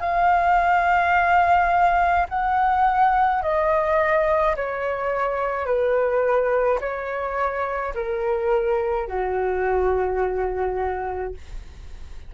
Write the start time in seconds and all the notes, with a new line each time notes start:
0.00 F5
2.28 F#5
3.42 D#5
4.55 C#5
5.66 B4
6.80 C#5
7.94 A#4
9.07 F#4